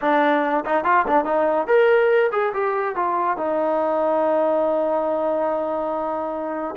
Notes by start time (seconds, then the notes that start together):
0.01 D4
0.65 D#4
0.84 F4
1.07 D4
1.24 D#4
1.67 A#4
2.31 G#4
2.53 G4
2.95 F4
3.37 D#4